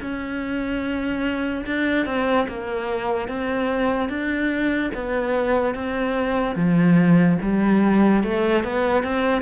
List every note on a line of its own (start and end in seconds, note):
0.00 1.64 C#4
1.66 2.05 D4
2.05 2.47 C4
2.48 3.28 A#3
3.28 4.09 C4
4.09 4.91 D4
4.94 5.74 B3
5.74 6.55 C4
6.55 7.37 F3
7.42 8.23 G3
8.23 8.63 A3
8.63 9.03 B3
9.03 9.41 C4